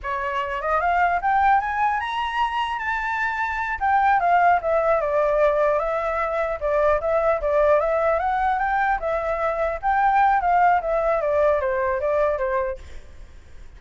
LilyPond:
\new Staff \with { instrumentName = "flute" } { \time 4/4 \tempo 4 = 150 cis''4. dis''8 f''4 g''4 | gis''4 ais''2 a''4~ | a''4. g''4 f''4 e''8~ | e''8 d''2 e''4.~ |
e''8 d''4 e''4 d''4 e''8~ | e''8 fis''4 g''4 e''4.~ | e''8 g''4. f''4 e''4 | d''4 c''4 d''4 c''4 | }